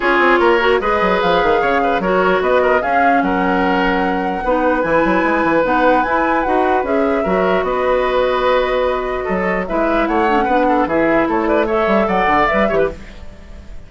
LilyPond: <<
  \new Staff \with { instrumentName = "flute" } { \time 4/4 \tempo 4 = 149 cis''2 dis''4 f''4~ | f''4 cis''4 dis''4 f''4 | fis''1 | gis''2 fis''4 gis''4 |
fis''4 e''2 dis''4~ | dis''1 | e''4 fis''2 e''4 | cis''8 d''8 e''4 fis''4 e''4 | }
  \new Staff \with { instrumentName = "oboe" } { \time 4/4 gis'4 ais'4 b'2 | cis''8 b'8 ais'4 b'8 ais'8 gis'4 | ais'2. b'4~ | b'1~ |
b'2 ais'4 b'4~ | b'2. a'4 | b'4 cis''4 b'8 a'8 gis'4 | a'8 b'8 cis''4 d''4. cis''16 b'16 | }
  \new Staff \with { instrumentName = "clarinet" } { \time 4/4 f'4. fis'8 gis'2~ | gis'4 fis'2 cis'4~ | cis'2. dis'4 | e'2 dis'4 e'4 |
fis'4 gis'4 fis'2~ | fis'1 | e'4. d'16 cis'16 d'4 e'4~ | e'4 a'2 b'8 g'8 | }
  \new Staff \with { instrumentName = "bassoon" } { \time 4/4 cis'8 c'8 ais4 gis8 fis8 f8 dis8 | cis4 fis4 b4 cis'4 | fis2. b4 | e8 fis8 gis8 e8 b4 e'4 |
dis'4 cis'4 fis4 b4~ | b2. fis4 | gis4 a4 b4 e4 | a4. g8 fis8 d8 g8 e8 | }
>>